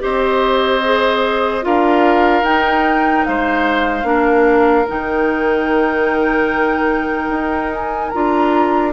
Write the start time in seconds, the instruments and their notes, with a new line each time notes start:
0.00 bassoon C4, clarinet G4, oboe C5, flute D#5
0.84 clarinet G#4
1.62 bassoon D4, clarinet F4, oboe A#4, flute F5
2.43 bassoon D#4, clarinet D#4, flute G5
3.25 bassoon G#3, oboe C5, flute F5
4.04 bassoon A#3, clarinet D4, oboe A#4
4.88 bassoon D#3, clarinet D#4, flute G5
7.30 bassoon D#4
7.73 flute G#5
8.11 bassoon D4, clarinet F4, flute A#5